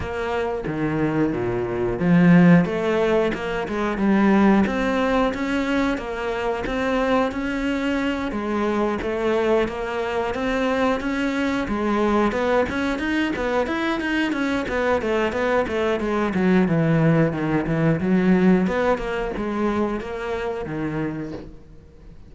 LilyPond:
\new Staff \with { instrumentName = "cello" } { \time 4/4 \tempo 4 = 90 ais4 dis4 ais,4 f4 | a4 ais8 gis8 g4 c'4 | cis'4 ais4 c'4 cis'4~ | cis'8 gis4 a4 ais4 c'8~ |
c'8 cis'4 gis4 b8 cis'8 dis'8 | b8 e'8 dis'8 cis'8 b8 a8 b8 a8 | gis8 fis8 e4 dis8 e8 fis4 | b8 ais8 gis4 ais4 dis4 | }